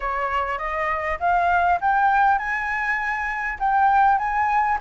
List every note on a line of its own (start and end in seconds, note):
0.00 0.58 C#5
0.58 1.18 D#5
1.19 1.79 F5
1.80 2.38 G5
2.38 3.58 G#5
3.59 4.18 G5
4.18 4.78 G#5